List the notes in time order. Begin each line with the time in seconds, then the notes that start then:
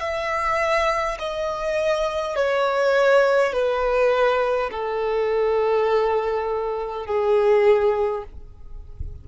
0.00 E5
1.19 D#5
2.36 C#5
3.52 B4
4.71 A4
7.06 G#4